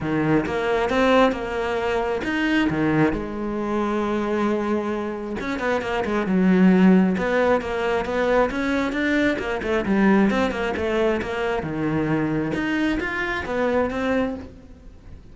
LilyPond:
\new Staff \with { instrumentName = "cello" } { \time 4/4 \tempo 4 = 134 dis4 ais4 c'4 ais4~ | ais4 dis'4 dis4 gis4~ | gis1 | cis'8 b8 ais8 gis8 fis2 |
b4 ais4 b4 cis'4 | d'4 ais8 a8 g4 c'8 ais8 | a4 ais4 dis2 | dis'4 f'4 b4 c'4 | }